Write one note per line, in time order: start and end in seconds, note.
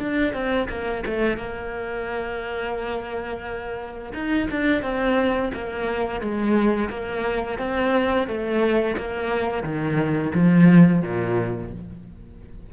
0.00 0.34 D4
0.34 0.68 C4
0.70 1.04 A#3
1.06 1.37 A3
1.37 4.13 A#3
4.14 4.49 D#4
4.51 4.83 D4
4.83 5.52 C4
5.54 6.21 A#3
6.21 6.90 G#3
6.90 7.59 A#3
7.59 8.28 C4
8.28 8.97 A3
8.97 9.63 A#3
9.63 10.32 D#3
10.35 11.02 F3
11.02 11.71 A#2